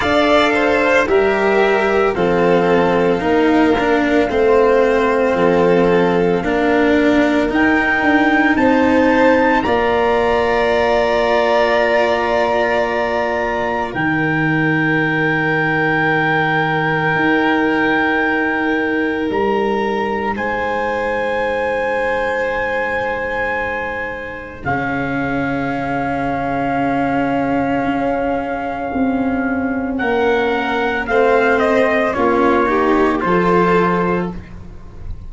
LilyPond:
<<
  \new Staff \with { instrumentName = "trumpet" } { \time 4/4 \tempo 4 = 56 f''4 e''4 f''2~ | f''2. g''4 | a''4 ais''2.~ | ais''4 g''2.~ |
g''2 ais''4 gis''4~ | gis''2. f''4~ | f''1 | fis''4 f''8 dis''8 cis''4 c''4 | }
  \new Staff \with { instrumentName = "violin" } { \time 4/4 d''8 c''8 ais'4 a'4 ais'4 | c''4 a'4 ais'2 | c''4 d''2.~ | d''4 ais'2.~ |
ais'2. c''4~ | c''2. gis'4~ | gis'1 | ais'4 c''4 f'8 g'8 a'4 | }
  \new Staff \with { instrumentName = "cello" } { \time 4/4 a'4 g'4 c'4 dis'8 d'8 | c'2 d'4 dis'4~ | dis'4 f'2.~ | f'4 dis'2.~ |
dis'1~ | dis'2. cis'4~ | cis'1~ | cis'4 c'4 cis'8 dis'8 f'4 | }
  \new Staff \with { instrumentName = "tuba" } { \time 4/4 d'4 g4 f4 ais4 | a4 f4 ais4 dis'8 d'8 | c'4 ais2.~ | ais4 dis2. |
dis'2 g4 gis4~ | gis2. cis4~ | cis2 cis'4 c'4 | ais4 a4 ais4 f4 | }
>>